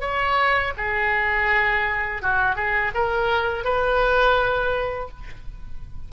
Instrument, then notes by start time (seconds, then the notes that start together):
oboe
0.00 C#5
0.77 G#4
2.21 F#4
2.55 G#4
2.94 A#4
3.64 B4